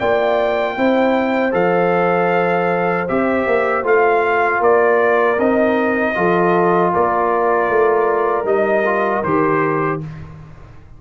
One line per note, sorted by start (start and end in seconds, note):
0.00 0.77 A#3
0.00 0.78 F4
0.00 0.76 D5
0.00 1.54 G5
0.76 1.54 C4
0.76 1.52 E4
0.76 4.60 C5
1.52 3.08 F3
1.52 3.06 A4
1.52 3.08 F5
3.09 3.47 C4
3.09 3.84 G4
3.09 3.86 E5
3.47 3.84 A#3
3.84 4.61 A3
3.84 5.38 F4
3.84 4.63 F5
4.60 5.38 A#3
4.60 6.14 A#4
4.60 5.40 D5
5.39 6.16 C4
5.39 6.15 D#4
5.39 6.94 D#5
6.15 6.94 F3
6.15 8.45 F4
6.15 6.94 A4
6.94 7.70 A#3
6.94 10.02 A#4
6.94 8.47 D5
7.70 8.44 A3
8.44 9.21 G3
8.44 8.84 D#4
8.44 9.24 D#5
8.86 9.24 F4
9.24 10.01 D#3
9.24 10.01 G4
9.24 10.00 C5